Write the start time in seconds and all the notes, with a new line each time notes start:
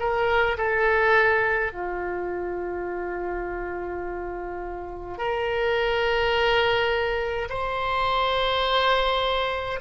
0.00 A#4
0.58 A4
1.73 F4
5.18 A#4
7.49 C5